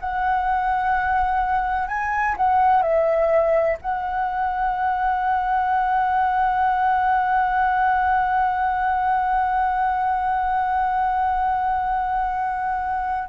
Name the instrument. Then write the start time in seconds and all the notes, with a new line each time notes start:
flute
0.00 F#5
1.88 G#5
2.37 F#5
2.82 E5
3.81 F#5